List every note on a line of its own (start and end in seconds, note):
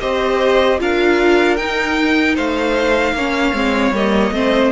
0.00 0.80 C4
0.00 0.79 G4
0.00 0.80 C5
0.00 0.79 D#5
0.79 1.59 D4
0.79 1.58 F4
0.79 2.35 A#4
0.79 1.56 F5
1.56 2.37 D#4
1.56 3.18 D#4
1.56 2.35 G5
2.35 3.12 A3
2.35 3.14 C5
2.35 3.95 F5
3.12 3.52 A#3
3.12 3.54 C#4
3.12 4.34 C#5
3.53 3.91 G#3
3.53 3.93 C4
3.91 4.31 G3
3.91 4.33 A#3
3.91 4.72 D#5
4.31 4.71 A3
4.31 4.72 C4
4.31 4.72 C5